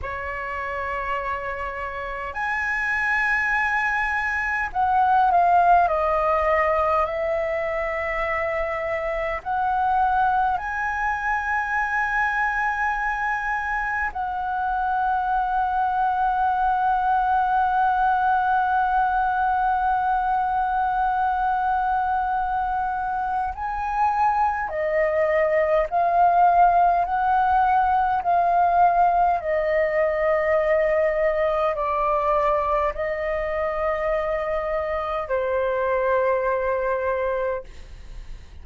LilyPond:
\new Staff \with { instrumentName = "flute" } { \time 4/4 \tempo 4 = 51 cis''2 gis''2 | fis''8 f''8 dis''4 e''2 | fis''4 gis''2. | fis''1~ |
fis''1 | gis''4 dis''4 f''4 fis''4 | f''4 dis''2 d''4 | dis''2 c''2 | }